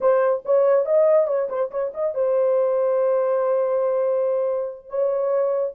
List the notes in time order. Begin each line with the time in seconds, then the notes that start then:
0.00 C5
0.45 C#5
0.85 D#5
1.27 C#5
1.49 C5
1.70 C#5
1.94 D#5
2.14 C5
4.89 C#5